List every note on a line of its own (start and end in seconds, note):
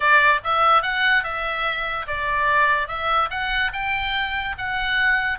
0.00 0.39 D5
0.43 0.82 E5
0.82 1.23 F#5
1.23 2.06 E5
2.07 2.88 D5
2.88 3.29 E5
3.30 3.71 F#5
3.72 4.55 G5
4.58 5.38 F#5